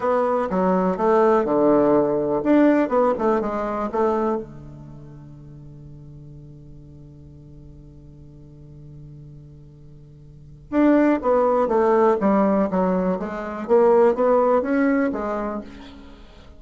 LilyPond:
\new Staff \with { instrumentName = "bassoon" } { \time 4/4 \tempo 4 = 123 b4 fis4 a4 d4~ | d4 d'4 b8 a8 gis4 | a4 d2.~ | d1~ |
d1~ | d2 d'4 b4 | a4 g4 fis4 gis4 | ais4 b4 cis'4 gis4 | }